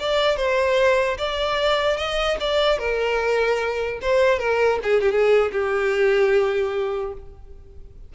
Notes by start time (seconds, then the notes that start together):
0.00 D5
0.37 C5
1.18 D5
1.97 D#5
2.40 D5
2.79 A#4
4.01 C5
4.39 A#4
4.83 G#4
5.01 G4
5.11 G#4
5.52 G4